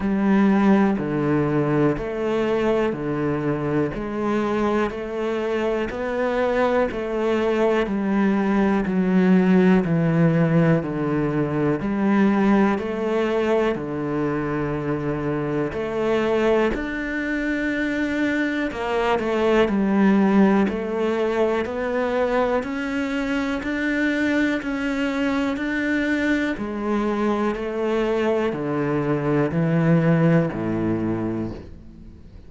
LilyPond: \new Staff \with { instrumentName = "cello" } { \time 4/4 \tempo 4 = 61 g4 d4 a4 d4 | gis4 a4 b4 a4 | g4 fis4 e4 d4 | g4 a4 d2 |
a4 d'2 ais8 a8 | g4 a4 b4 cis'4 | d'4 cis'4 d'4 gis4 | a4 d4 e4 a,4 | }